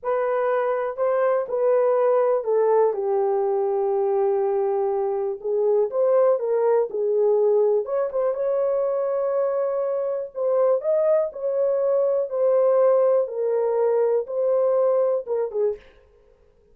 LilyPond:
\new Staff \with { instrumentName = "horn" } { \time 4/4 \tempo 4 = 122 b'2 c''4 b'4~ | b'4 a'4 g'2~ | g'2. gis'4 | c''4 ais'4 gis'2 |
cis''8 c''8 cis''2.~ | cis''4 c''4 dis''4 cis''4~ | cis''4 c''2 ais'4~ | ais'4 c''2 ais'8 gis'8 | }